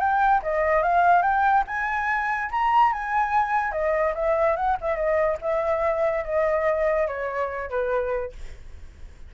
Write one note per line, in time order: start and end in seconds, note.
0.00 0.42 G5
0.43 0.83 D#5
0.83 1.23 F5
1.23 1.64 G5
1.67 2.51 G#5
2.52 2.93 A#5
2.93 3.72 G#5
3.72 4.14 D#5
4.15 4.57 E5
4.57 4.78 F#5
4.81 4.96 E5
4.96 5.38 D#5
5.42 6.25 E5
6.25 7.08 D#5
7.08 7.70 C#5
7.70 8.33 B4